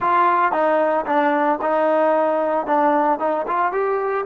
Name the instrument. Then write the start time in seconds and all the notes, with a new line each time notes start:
trombone
0.00 F4
0.52 D#4
1.05 D4
1.61 D#4
2.66 D4
3.19 D#4
3.47 F4
3.72 G4